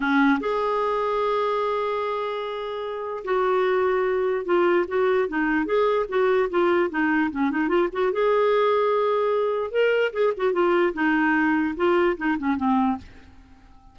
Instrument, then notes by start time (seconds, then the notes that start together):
clarinet
0.00 C#4
0.39 G#4
3.24 F#4
4.45 F4
4.87 F#4
5.28 D#4
5.65 G#4
6.08 F#4
6.50 F4
6.89 D#4
7.31 C#4
7.51 D#4
7.68 F4
7.92 F#4
8.12 G#4
9.71 A#4
10.12 G#4
10.37 F#4
10.52 F4
10.93 D#4
11.76 F4
12.17 D#4
12.38 C#4
12.57 C4